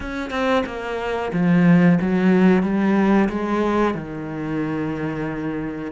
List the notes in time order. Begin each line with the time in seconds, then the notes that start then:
0.00 C#4
0.30 C4
0.66 A#3
1.32 F3
2.01 F#3
2.63 G3
3.29 G#3
3.94 D#3